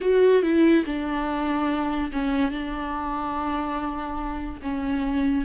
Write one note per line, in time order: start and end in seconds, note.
0.00 0.42 F#4
0.42 0.84 E4
0.85 2.11 D4
2.12 2.51 C#4
2.51 4.60 D4
4.62 5.45 C#4